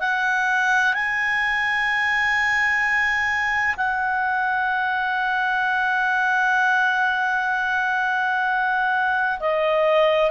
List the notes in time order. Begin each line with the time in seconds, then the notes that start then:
0.00 F#5
0.93 G#5
3.77 F#5
9.39 D#5